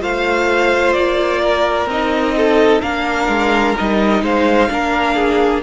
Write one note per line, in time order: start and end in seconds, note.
0.00 0.95 A3
0.00 1.88 F4
0.00 1.42 C5
0.00 0.93 F5
0.93 1.86 A#3
0.93 1.87 D5
1.42 2.36 A#4
1.86 2.80 C4
1.86 2.83 D#4
1.86 2.81 D#5
2.37 2.82 A4
2.81 3.28 A#3
2.81 3.76 D4
2.81 4.23 A#4
2.81 3.75 F5
3.28 3.75 G#3
3.77 4.22 G3
3.77 4.69 D#4
3.77 4.25 D#5
4.22 4.69 G#3
4.22 4.70 C5
4.22 5.63 F5
4.69 5.63 A#3
4.69 5.63 D4
4.69 5.16 A#4
5.16 5.62 G#4